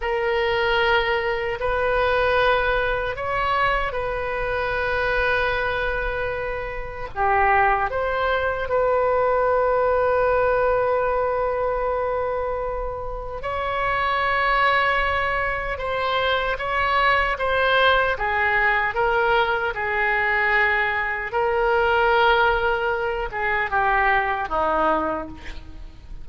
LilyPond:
\new Staff \with { instrumentName = "oboe" } { \time 4/4 \tempo 4 = 76 ais'2 b'2 | cis''4 b'2.~ | b'4 g'4 c''4 b'4~ | b'1~ |
b'4 cis''2. | c''4 cis''4 c''4 gis'4 | ais'4 gis'2 ais'4~ | ais'4. gis'8 g'4 dis'4 | }